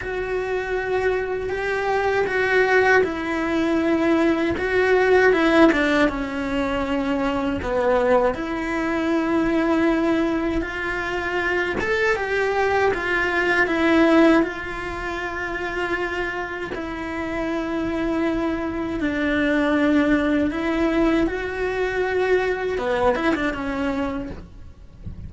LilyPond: \new Staff \with { instrumentName = "cello" } { \time 4/4 \tempo 4 = 79 fis'2 g'4 fis'4 | e'2 fis'4 e'8 d'8 | cis'2 b4 e'4~ | e'2 f'4. a'8 |
g'4 f'4 e'4 f'4~ | f'2 e'2~ | e'4 d'2 e'4 | fis'2 b8 e'16 d'16 cis'4 | }